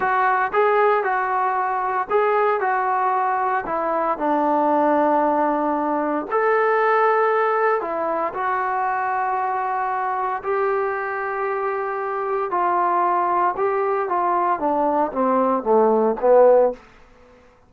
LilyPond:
\new Staff \with { instrumentName = "trombone" } { \time 4/4 \tempo 4 = 115 fis'4 gis'4 fis'2 | gis'4 fis'2 e'4 | d'1 | a'2. e'4 |
fis'1 | g'1 | f'2 g'4 f'4 | d'4 c'4 a4 b4 | }